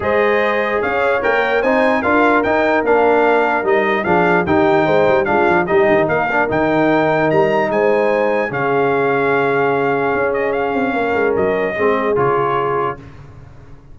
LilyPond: <<
  \new Staff \with { instrumentName = "trumpet" } { \time 4/4 \tempo 4 = 148 dis''2 f''4 g''4 | gis''4 f''4 g''4 f''4~ | f''4 dis''4 f''4 g''4~ | g''4 f''4 dis''4 f''4 |
g''2 ais''4 gis''4~ | gis''4 f''2.~ | f''4. dis''8 f''2 | dis''2 cis''2 | }
  \new Staff \with { instrumentName = "horn" } { \time 4/4 c''2 cis''2 | c''4 ais'2.~ | ais'2 gis'4 g'4 | c''4 f'4 g'4 ais'4~ |
ais'2. c''4~ | c''4 gis'2.~ | gis'2. ais'4~ | ais'4 gis'2. | }
  \new Staff \with { instrumentName = "trombone" } { \time 4/4 gis'2. ais'4 | dis'4 f'4 dis'4 d'4~ | d'4 dis'4 d'4 dis'4~ | dis'4 d'4 dis'4. d'8 |
dis'1~ | dis'4 cis'2.~ | cis'1~ | cis'4 c'4 f'2 | }
  \new Staff \with { instrumentName = "tuba" } { \time 4/4 gis2 cis'4 ais4 | c'4 d'4 dis'4 ais4~ | ais4 g4 f4 dis4 | gis8 g8 gis8 f8 g8 dis8 ais4 |
dis2 g4 gis4~ | gis4 cis2.~ | cis4 cis'4. c'8 ais8 gis8 | fis4 gis4 cis2 | }
>>